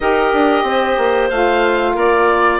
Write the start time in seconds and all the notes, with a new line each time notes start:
0.00 D#4 G4 A#4 D#5
0.33 D4
0.63 C4 C5
0.97 A#3
1.29 A3 F4 F5
1.93 A#3 A#4 D5